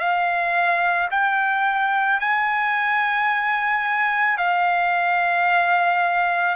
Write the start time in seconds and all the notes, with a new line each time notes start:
0.00 F5
1.12 G5
2.21 G#5
4.38 F5